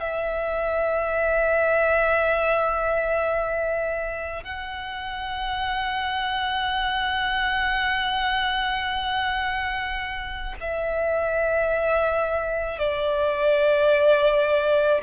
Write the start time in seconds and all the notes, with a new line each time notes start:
0.00 E5
4.44 F#5
10.61 E5
12.79 D5